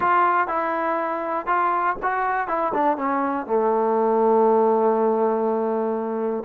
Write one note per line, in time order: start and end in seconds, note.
0.00 0.47 F4
0.47 1.46 E4
1.46 1.96 F4
2.02 2.47 F#4
2.47 2.72 E4
2.73 2.97 D4
2.97 3.46 C#4
3.46 6.43 A3